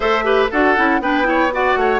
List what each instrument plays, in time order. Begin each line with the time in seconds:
0.00 bassoon A3, clarinet A4, oboe C5, flute E5
0.23 clarinet G4, oboe B4
0.50 bassoon D4, clarinet F#4, oboe A4, flute F#5
0.76 bassoon C#4, clarinet E4
1.00 bassoon B3, clarinet D4, oboe B4, flute G5
1.23 clarinet E4, oboe C#5
1.52 clarinet F#4, oboe D5, flute F#5
1.76 bassoon A3, oboe C#5